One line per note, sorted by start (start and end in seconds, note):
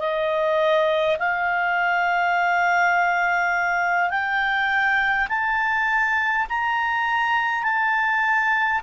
0.00 1.18 D#5
1.19 4.10 F5
4.10 5.28 G5
5.29 6.47 A5
6.50 7.64 A#5
7.64 8.81 A5